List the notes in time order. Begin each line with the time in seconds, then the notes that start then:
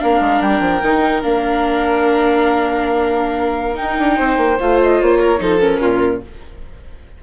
0.00 A#3 D4 A#4 F5
0.20 G#3
0.41 G3 G5
0.60 F3
0.83 D#3 D#4
1.23 A#3 D4 F5
3.75 D#4 G5
3.99 D4
4.17 C4 C5
4.38 A#3
4.60 A3 F4 F5
4.83 D#5
5.02 A#3 C#5
5.20 A#4
5.39 F3 D#4 A4 C5
5.60 C#4 A#4
5.81 A#2 F4